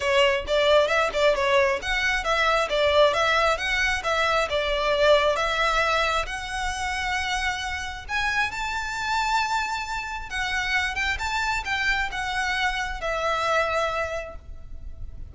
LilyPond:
\new Staff \with { instrumentName = "violin" } { \time 4/4 \tempo 4 = 134 cis''4 d''4 e''8 d''8 cis''4 | fis''4 e''4 d''4 e''4 | fis''4 e''4 d''2 | e''2 fis''2~ |
fis''2 gis''4 a''4~ | a''2. fis''4~ | fis''8 g''8 a''4 g''4 fis''4~ | fis''4 e''2. | }